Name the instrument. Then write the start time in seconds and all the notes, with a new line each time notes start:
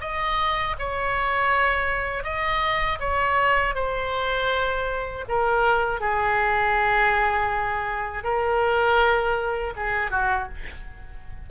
oboe
0.00 D#5
0.78 C#5
2.23 D#5
2.99 C#5
3.74 C5
5.28 A#4
6.00 G#4
8.23 A#4
9.75 G#4
10.10 F#4